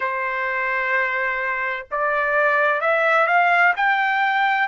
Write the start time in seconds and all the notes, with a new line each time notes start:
0.00 C5
1.91 D5
2.80 E5
3.26 F5
3.76 G5